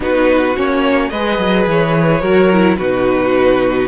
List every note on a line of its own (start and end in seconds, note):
0.00 0.55 B3
0.00 0.55 D#4
0.00 1.11 F#4
0.00 0.56 B4
0.56 1.11 A#3
0.56 1.11 C#4
0.56 1.09 C#5
1.09 1.38 G#3
1.09 2.22 G#4
1.09 2.21 B4
1.09 1.65 D#5
1.38 1.66 F#3
1.66 2.22 E3
1.66 2.77 C#5
2.21 2.77 F#3
2.21 2.50 F#4
2.21 2.77 A#4
2.52 2.79 E4
2.77 3.87 B2
2.77 3.87 D#4
2.77 3.87 F#4
2.77 3.87 B4